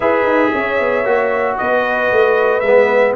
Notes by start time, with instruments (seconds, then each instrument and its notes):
0.00 tuba E4, trombone G#4, horn B4, trumpet E5
0.22 tuba D#4
0.52 tuba C#4, horn C#5
0.79 tuba B3
1.04 tuba A#3, trombone F#4
1.57 tuba B3, horn B4, trumpet D#5
2.11 tuba A3
2.60 tuba G#3, trombone B3, trumpet E5